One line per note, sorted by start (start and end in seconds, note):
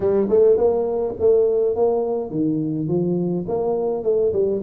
0.00 0.27 G3
0.29 0.57 A3
0.57 1.14 A#3
1.19 1.75 A3
1.75 2.30 A#3
2.30 2.87 D#3
2.87 3.45 F3
3.48 4.03 A#3
4.03 4.32 A3
4.32 4.61 G3